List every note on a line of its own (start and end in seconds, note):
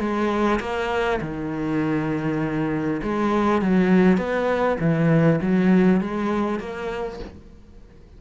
0.00 0.60 G#3
0.61 1.21 A#3
1.22 3.02 D#3
3.03 3.62 G#3
3.62 4.18 F#3
4.18 4.78 B3
4.80 5.40 E3
5.42 6.01 F#3
6.01 6.60 G#3
6.60 7.20 A#3